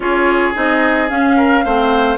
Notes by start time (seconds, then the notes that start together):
0.00 C#4 F4 G#4 C#5
0.54 C4 D#4 D#5
1.09 C#4 F5
1.37 A#4
1.64 A3 C4 C5